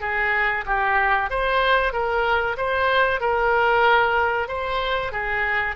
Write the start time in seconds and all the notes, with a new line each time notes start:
0.00 G#4
0.66 G4
1.30 C5
1.92 A#4
2.57 C5
3.20 A#4
4.48 C5
5.12 G#4